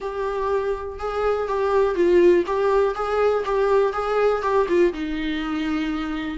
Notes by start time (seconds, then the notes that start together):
0.00 G4
0.99 G#4
1.48 G4
1.95 F4
2.46 G4
2.94 G#4
3.45 G4
3.92 G#4
4.42 G4
4.68 F4
4.93 D#4